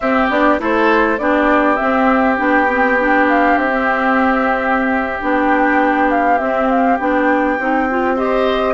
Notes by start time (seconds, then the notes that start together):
0.00 C4 G4 E5
0.29 B3 D4 D5
0.59 A3 E4 A4 C5
1.17 B3 D4 G4 D5
1.75 C4 E5
2.37 B3 D4 G5
2.68 C4
2.99 D4
3.29 F5
3.56 C4 E5
3.71 C4
5.20 B3 D4 G5
6.11 F5
6.38 C4 E5
6.68 F5
6.99 B3 D4 G5
7.58 C4 D#4
7.89 F4
8.16 G4 C5 D#5